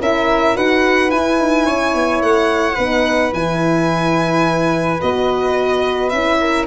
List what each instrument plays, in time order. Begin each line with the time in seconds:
0.00 tuba C#4, horn E4, flute A#4, violin E5
0.55 tuba D#4, horn F#4, flute B4, violin F#5
1.09 horn E4, tuba E4, violin G#5
1.39 tuba D#4
1.65 tuba C#4, flute C#5
1.94 tuba B3
2.21 tuba A3, violin F#5
2.74 tuba B3, horn D#4, flute B4
3.32 tuba E3, horn E4, violin G#5
5.00 tuba B3, horn F#4, violin D#5
6.09 tuba C#4, horn E4, violin E5
6.40 flute A#4